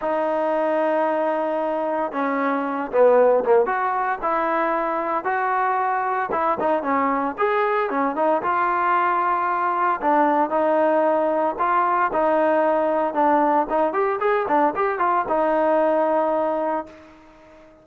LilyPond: \new Staff \with { instrumentName = "trombone" } { \time 4/4 \tempo 4 = 114 dis'1 | cis'4. b4 ais8 fis'4 | e'2 fis'2 | e'8 dis'8 cis'4 gis'4 cis'8 dis'8 |
f'2. d'4 | dis'2 f'4 dis'4~ | dis'4 d'4 dis'8 g'8 gis'8 d'8 | g'8 f'8 dis'2. | }